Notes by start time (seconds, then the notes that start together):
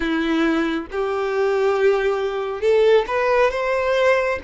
0.00 E4
0.91 G4
2.61 A4
3.07 B4
3.51 C5